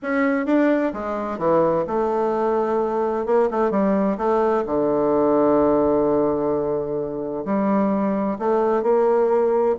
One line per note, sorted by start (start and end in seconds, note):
0.02 0.45 C#4
0.45 0.92 D4
0.93 1.38 G#3
1.38 1.85 E3
1.87 3.26 A3
3.26 3.49 A#3
3.50 3.70 A3
3.70 4.17 G3
4.17 4.64 A3
4.65 7.44 D3
7.45 8.38 G3
8.38 8.82 A3
8.82 9.75 A#3